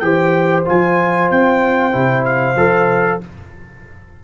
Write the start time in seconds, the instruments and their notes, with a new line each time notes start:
0.00 tuba E3, trombone G4, horn C5, trumpet G5
0.65 tuba F3, trombone F4, trumpet G#5
1.31 tuba C4, trumpet G5
1.92 tuba C3, trombone E4
2.25 trumpet F5
2.56 tuba F3, trombone A4